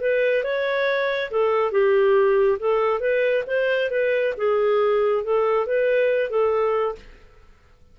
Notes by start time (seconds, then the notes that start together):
0.00 B4
0.43 C#5
1.30 A4
1.71 G4
2.59 A4
3.00 B4
3.47 C5
3.90 B4
4.37 G#4
5.24 A4
5.66 B4
6.30 A4